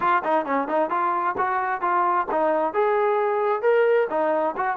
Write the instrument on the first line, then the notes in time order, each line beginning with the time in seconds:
trombone
0.00 F4
0.24 D#4
0.45 C#4
0.68 D#4
0.90 F4
1.37 F#4
1.81 F4
2.31 D#4
2.73 G#4
3.62 A#4
4.10 D#4
4.57 F#4